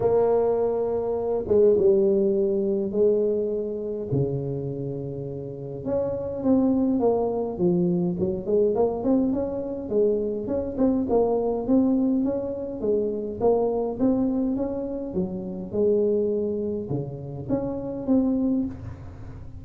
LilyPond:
\new Staff \with { instrumentName = "tuba" } { \time 4/4 \tempo 4 = 103 ais2~ ais8 gis8 g4~ | g4 gis2 cis4~ | cis2 cis'4 c'4 | ais4 f4 fis8 gis8 ais8 c'8 |
cis'4 gis4 cis'8 c'8 ais4 | c'4 cis'4 gis4 ais4 | c'4 cis'4 fis4 gis4~ | gis4 cis4 cis'4 c'4 | }